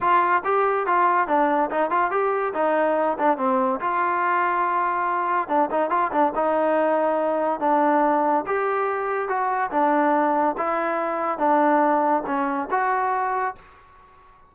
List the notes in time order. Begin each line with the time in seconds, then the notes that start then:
0.00 F4
0.44 G4
0.86 F4
1.27 D4
1.70 D#4
1.90 F4
2.10 G4
2.54 D#4
3.18 D4
3.37 C4
3.80 F4
5.48 D4
5.70 D#4
5.90 F4
6.12 D4
6.35 D#4
7.60 D4
8.46 G4
9.28 F#4
9.70 D4
10.57 E4
11.38 D4
12.26 C#4
12.70 F#4